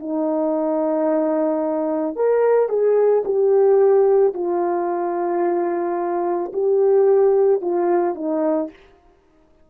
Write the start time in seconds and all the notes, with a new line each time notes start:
0.00 D#4
2.16 A#4
2.69 G#4
3.25 G4
4.34 F4
6.54 G4
7.62 F4
8.16 D#4